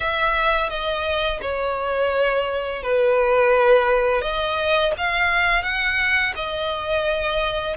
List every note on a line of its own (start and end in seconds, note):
0.00 0.69 E5
0.69 1.40 D#5
1.41 2.82 C#5
2.82 4.21 B4
4.21 4.92 D#5
4.97 5.62 F5
5.62 6.33 F#5
6.35 7.76 D#5